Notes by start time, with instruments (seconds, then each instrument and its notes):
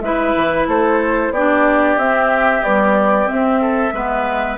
0.00 bassoon G#3, clarinet E4, oboe B4, flute E5
0.36 bassoon E3
0.68 bassoon A3, oboe A4, flute C5
1.31 bassoon B3, clarinet D4, oboe G4, flute D5
1.97 bassoon C4, clarinet C4, flute E5
2.63 clarinet G3, bassoon B3, flute D5
3.26 clarinet C4, flute E5
3.32 bassoon C4
3.61 oboe A4
3.93 bassoon G#3, clarinet B3, oboe B4